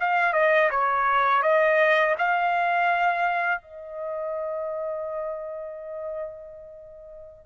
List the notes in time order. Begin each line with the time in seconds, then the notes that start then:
0.00 F5
0.33 D#5
0.71 C#5
1.43 D#5
2.19 F5
3.62 D#5